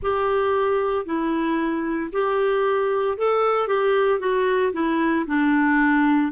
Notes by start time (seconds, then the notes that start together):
0.02 G4
1.05 E4
2.12 G4
3.17 A4
3.67 G4
4.19 F#4
4.73 E4
5.26 D4